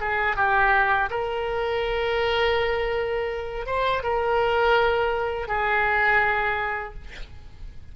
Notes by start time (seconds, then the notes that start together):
0.00 G#4
0.36 G4
1.10 A#4
3.66 C5
4.03 A#4
5.48 G#4